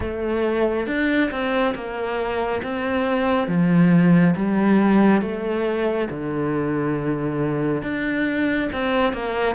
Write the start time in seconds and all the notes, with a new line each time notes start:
0.00 A3
0.87 D4
1.30 C4
1.74 A#3
2.63 C4
3.47 F3
4.36 G3
5.21 A3
6.09 D3
7.82 D4
8.72 C4
9.13 A#3